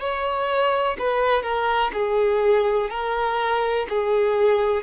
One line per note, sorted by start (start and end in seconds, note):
0.00 0.97 C#5
0.99 1.43 B4
1.43 1.91 A#4
1.93 2.89 G#4
2.89 3.86 A#4
3.89 4.83 G#4